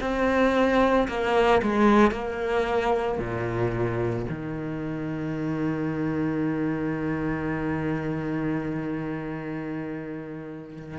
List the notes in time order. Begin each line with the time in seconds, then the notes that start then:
0.00 C4
1.08 A#3
1.62 G#3
2.11 A#3
3.18 A#2
4.30 D#3